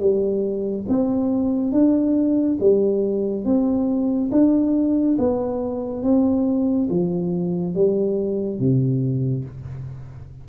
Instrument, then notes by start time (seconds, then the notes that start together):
tuba
0.00 G3
0.88 C4
1.72 D4
2.60 G3
3.45 C4
4.32 D4
5.19 B3
6.03 C4
6.90 F3
7.75 G3
8.59 C3